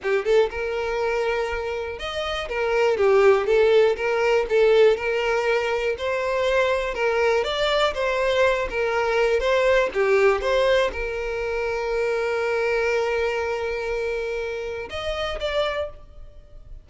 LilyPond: \new Staff \with { instrumentName = "violin" } { \time 4/4 \tempo 4 = 121 g'8 a'8 ais'2. | dis''4 ais'4 g'4 a'4 | ais'4 a'4 ais'2 | c''2 ais'4 d''4 |
c''4. ais'4. c''4 | g'4 c''4 ais'2~ | ais'1~ | ais'2 dis''4 d''4 | }